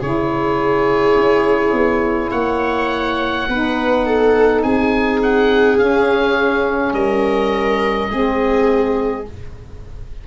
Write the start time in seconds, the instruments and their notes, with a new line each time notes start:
0.00 tuba C#3, saxophone E4, viola G#4, oboe C#5
1.15 tuba C#4
1.72 tuba B3
2.31 tuba A#3, viola C#5, oboe F#5
3.48 tuba B3, saxophone D#4, viola B4
4.06 viola A4
4.62 tuba C4, viola G#4, oboe G#5
5.22 oboe F#5
5.77 saxophone C#4, tuba C#4, oboe F5
6.92 tuba G3, viola A#4, oboe D#5
8.09 tuba G#3, saxophone C4, viola G#4